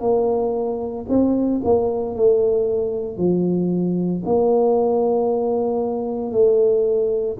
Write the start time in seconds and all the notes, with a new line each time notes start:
0.00 A#3
1.08 C4
1.64 A#3
2.15 A3
3.17 F3
4.25 A#3
6.31 A3